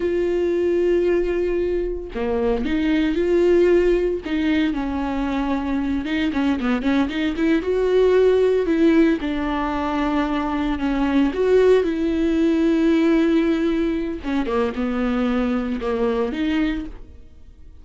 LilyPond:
\new Staff \with { instrumentName = "viola" } { \time 4/4 \tempo 4 = 114 f'1 | ais4 dis'4 f'2 | dis'4 cis'2~ cis'8 dis'8 | cis'8 b8 cis'8 dis'8 e'8 fis'4.~ |
fis'8 e'4 d'2~ d'8~ | d'8 cis'4 fis'4 e'4.~ | e'2. cis'8 ais8 | b2 ais4 dis'4 | }